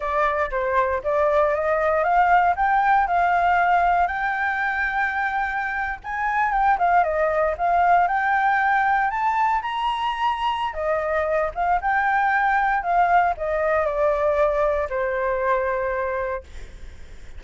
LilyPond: \new Staff \with { instrumentName = "flute" } { \time 4/4 \tempo 4 = 117 d''4 c''4 d''4 dis''4 | f''4 g''4 f''2 | g''2.~ g''8. gis''16~ | gis''8. g''8 f''8 dis''4 f''4 g''16~ |
g''4.~ g''16 a''4 ais''4~ ais''16~ | ais''4 dis''4. f''8 g''4~ | g''4 f''4 dis''4 d''4~ | d''4 c''2. | }